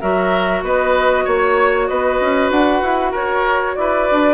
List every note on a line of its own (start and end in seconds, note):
0.00 0.62 F#3
0.00 4.33 F#4
0.00 0.63 A#4
0.00 0.62 E5
0.62 1.25 B3
0.62 1.24 B4
0.62 1.27 D#5
1.24 1.89 A#3
1.24 1.87 C#5
1.87 2.20 B3
1.87 3.11 B4
1.87 2.50 D#5
2.20 2.50 C#4
2.50 2.82 D4
2.50 3.13 F#5
2.82 3.13 E4
3.11 3.75 F#4
3.11 3.74 A#4
3.11 3.75 C#5
3.75 4.09 E4
3.75 4.33 B4
3.75 4.33 D5
4.11 4.33 D4